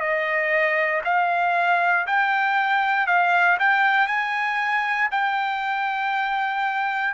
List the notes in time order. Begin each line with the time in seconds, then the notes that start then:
0.00 D#5
1.04 F5
2.07 G5
3.07 F5
3.59 G5
4.07 G#5
5.11 G5